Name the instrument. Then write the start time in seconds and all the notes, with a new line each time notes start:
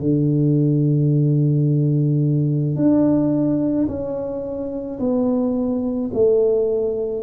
tuba
0.00 D3
2.76 D4
3.88 C#4
4.99 B3
6.14 A3